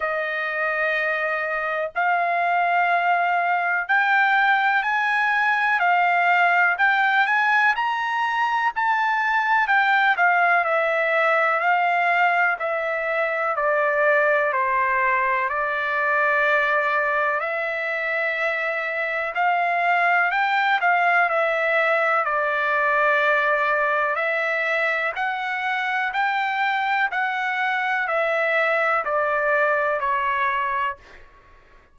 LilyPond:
\new Staff \with { instrumentName = "trumpet" } { \time 4/4 \tempo 4 = 62 dis''2 f''2 | g''4 gis''4 f''4 g''8 gis''8 | ais''4 a''4 g''8 f''8 e''4 | f''4 e''4 d''4 c''4 |
d''2 e''2 | f''4 g''8 f''8 e''4 d''4~ | d''4 e''4 fis''4 g''4 | fis''4 e''4 d''4 cis''4 | }